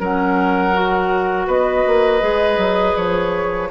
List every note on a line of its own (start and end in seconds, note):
0.00 1.47 F#3
0.00 0.73 C#4
0.00 1.47 A#4
0.00 1.49 F#5
0.73 2.21 F#4
1.47 1.84 B3
1.47 3.69 B4
1.47 2.97 D#5
1.87 2.22 A#3
2.21 2.58 G#3
2.21 3.69 G#4
2.58 2.95 F#3
2.97 3.71 F3
2.97 3.71 C#5